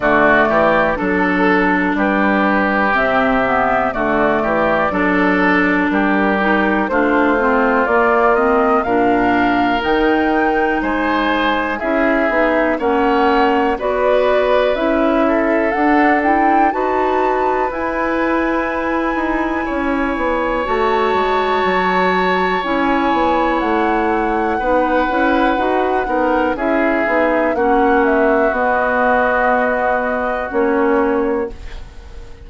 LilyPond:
<<
  \new Staff \with { instrumentName = "flute" } { \time 4/4 \tempo 4 = 61 d''4 a'4 b'4 e''4 | d''2 ais'4 c''4 | d''8 dis''8 f''4 g''4 gis''4 | e''4 fis''4 d''4 e''4 |
fis''8 g''8 a''4 gis''2~ | gis''4 a''2 gis''4 | fis''2. e''4 | fis''8 e''8 dis''2 cis''4 | }
  \new Staff \with { instrumentName = "oboe" } { \time 4/4 fis'8 g'8 a'4 g'2 | fis'8 g'8 a'4 g'4 f'4~ | f'4 ais'2 c''4 | gis'4 cis''4 b'4. a'8~ |
a'4 b'2. | cis''1~ | cis''4 b'4. ais'8 gis'4 | fis'1 | }
  \new Staff \with { instrumentName = "clarinet" } { \time 4/4 a4 d'2 c'8 b8 | a4 d'4. dis'8 d'8 c'8 | ais8 c'8 d'4 dis'2 | e'8 dis'8 cis'4 fis'4 e'4 |
d'8 e'8 fis'4 e'2~ | e'4 fis'2 e'4~ | e'4 dis'8 e'8 fis'8 dis'8 e'8 dis'8 | cis'4 b2 cis'4 | }
  \new Staff \with { instrumentName = "bassoon" } { \time 4/4 d8 e8 fis4 g4 c4 | d8 e8 fis4 g4 a4 | ais4 ais,4 dis4 gis4 | cis'8 b8 ais4 b4 cis'4 |
d'4 dis'4 e'4. dis'8 | cis'8 b8 a8 gis8 fis4 cis'8 b8 | a4 b8 cis'8 dis'8 b8 cis'8 b8 | ais4 b2 ais4 | }
>>